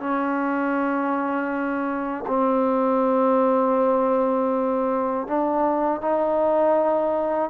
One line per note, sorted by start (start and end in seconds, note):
0.00 2.25 C#4
2.27 5.27 C4
5.27 6.01 D4
6.01 7.50 D#4